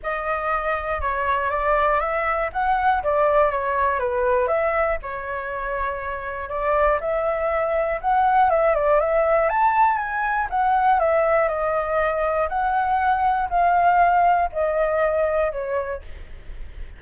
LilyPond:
\new Staff \with { instrumentName = "flute" } { \time 4/4 \tempo 4 = 120 dis''2 cis''4 d''4 | e''4 fis''4 d''4 cis''4 | b'4 e''4 cis''2~ | cis''4 d''4 e''2 |
fis''4 e''8 d''8 e''4 a''4 | gis''4 fis''4 e''4 dis''4~ | dis''4 fis''2 f''4~ | f''4 dis''2 cis''4 | }